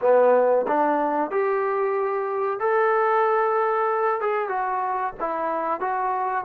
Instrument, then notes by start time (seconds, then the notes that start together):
trombone
0.01 B3
0.67 D4
1.30 G4
2.59 A4
4.21 G#4
4.48 F#4
5.20 E4
5.80 F#4